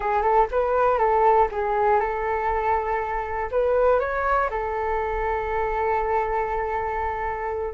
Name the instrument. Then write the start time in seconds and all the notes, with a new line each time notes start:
flute
0.00 G#4
0.22 A4
0.51 B4
0.98 A4
1.51 G#4
2.00 A4
3.51 B4
3.99 C#5
4.50 A4